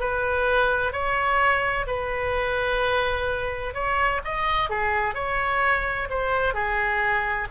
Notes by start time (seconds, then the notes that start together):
0.00 B4
0.92 C#5
1.87 B4
3.74 C#5
4.24 D#5
4.70 G#4
5.15 C#5
6.10 C5
6.54 G#4